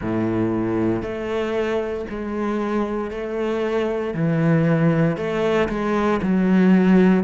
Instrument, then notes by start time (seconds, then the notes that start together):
cello
0.01 A2
1.02 A3
2.09 G#3
3.10 A3
4.14 E3
5.16 A3
5.68 G#3
6.22 F#3